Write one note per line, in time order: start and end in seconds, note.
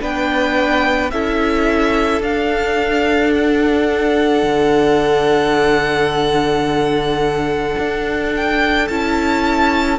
0.00 1.12 B3
0.00 1.11 D4
0.00 1.12 B4
0.00 1.10 G5
1.10 2.20 C#4
1.10 2.24 E4
1.10 9.99 A4
1.10 2.22 E5
2.20 4.42 D4
2.20 8.90 D4
2.20 3.33 F5
3.33 8.33 F#5
4.42 7.76 D3
7.77 8.88 D4
8.36 8.87 G5
8.87 9.99 C#4
8.87 9.99 E4
8.87 9.99 A5